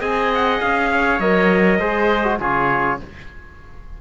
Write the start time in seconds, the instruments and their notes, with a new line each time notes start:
0.00 cello C4, trombone G#4, oboe D#5, trumpet G#5
0.35 trumpet F#5
0.62 cello C#4, trumpet F5
0.92 oboe C#5
1.20 cello F#3, trombone A#4, trumpet D#5
1.79 cello G#3, trombone G#4, oboe C5
2.25 trombone F#4
2.40 cello C#3, trombone F4, oboe G#4, trumpet C#5